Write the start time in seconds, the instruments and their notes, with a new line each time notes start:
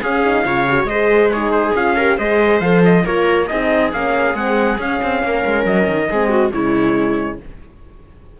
0.00 horn C#4, cello C#4, viola G#4, trumpet F5
0.23 horn D#4
0.45 cello C#3, horn F4, viola C#5
0.68 horn F#4
0.84 cello G#3, viola C5, trumpet D#5
0.91 horn G#4
1.31 horn D#4, viola G#4, trumpet C#5
1.51 trumpet C5
1.74 cello C#4, horn F4, trumpet F5
1.96 horn G4, viola A#4
2.17 cello G#3, horn G#4, viola C5, trumpet D#5
2.60 cello F3, horn A4, trumpet F5
2.84 trumpet D#5
3.04 cello A#3, horn F4, viola A#4, trumpet C#5
3.47 cello C4, horn D#4, viola G#4, trumpet D#5
3.92 cello A#3, horn C#4, trumpet F5
4.34 cello G#3, horn C4, trumpet F#5
4.77 horn C#4, cello C#4, trumpet F5
5.02 cello C4
5.23 cello A#3, viola A#4
5.45 cello G#3
5.65 cello F#3, trumpet D#5
5.87 cello D#3
6.10 cello G#3, horn C4, viola G#4
6.29 viola F#4
6.52 cello C#3, horn G#3, viola E4, trumpet C#5